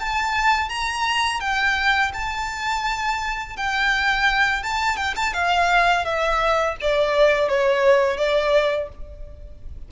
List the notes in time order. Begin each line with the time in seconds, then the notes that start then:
0.00 A5
0.69 A#5
1.41 G5
2.14 A5
3.57 G5
4.63 A5
4.96 G5
5.16 A5
5.34 F5
6.05 E5
6.81 D5
7.48 C#5
8.17 D5